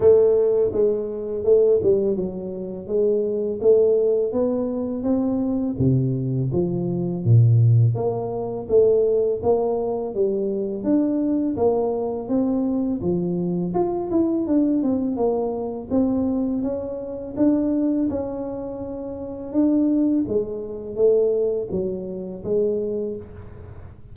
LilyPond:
\new Staff \with { instrumentName = "tuba" } { \time 4/4 \tempo 4 = 83 a4 gis4 a8 g8 fis4 | gis4 a4 b4 c'4 | c4 f4 ais,4 ais4 | a4 ais4 g4 d'4 |
ais4 c'4 f4 f'8 e'8 | d'8 c'8 ais4 c'4 cis'4 | d'4 cis'2 d'4 | gis4 a4 fis4 gis4 | }